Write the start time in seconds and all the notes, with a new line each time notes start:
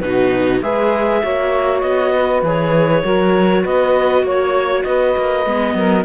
0.00 B2 D#4 F#4 B4
0.62 G#3 G#4 B4 E5
1.23 A#3 F#4 C#5
1.81 B3 D#5
2.14 B4
2.43 E3 G#4 C#5
3.03 F#3 F#4 A#4
3.64 B3 B4 D#5
4.23 A#3 C#5
4.83 B3 B4 D#5
5.18 A#3
5.46 G#3 B3
5.75 F#3 A#4